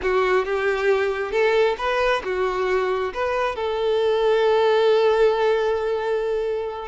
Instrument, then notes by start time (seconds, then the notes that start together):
violin
0.02 F#4
0.45 G4
1.31 A4
1.78 B4
2.24 F#4
3.13 B4
3.55 A4